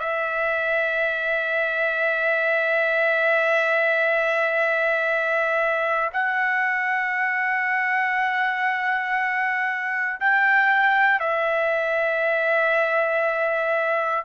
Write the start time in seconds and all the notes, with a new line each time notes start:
0.00 E5
6.13 F#5
10.20 G5
11.20 E5